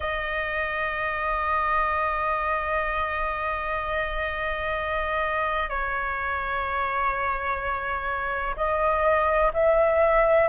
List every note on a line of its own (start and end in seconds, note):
0.00 5.69 D#5
5.69 8.55 C#5
8.56 9.51 D#5
9.53 10.48 E5